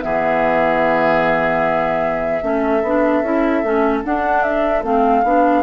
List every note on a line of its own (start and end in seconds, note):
0.00 2.42 E3
0.00 2.41 B3
0.00 2.44 G#4
0.00 4.00 E5
2.42 2.82 A3
2.42 2.82 C#4
2.42 5.63 A4
2.82 3.22 B3
2.82 3.24 D4
3.22 3.62 C#4
3.22 3.64 E4
3.63 4.03 A3
3.63 4.04 C#4
4.04 4.83 D4
4.04 4.43 F#5
4.43 4.83 E5
4.83 5.23 A3
4.83 5.23 C4
4.83 5.63 F5
5.23 5.63 B3
5.23 5.63 D4